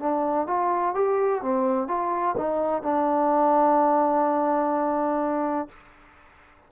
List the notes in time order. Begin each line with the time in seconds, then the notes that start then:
0.00 D4
0.47 F4
0.95 G4
1.42 C4
1.87 F4
2.37 D#4
2.83 D4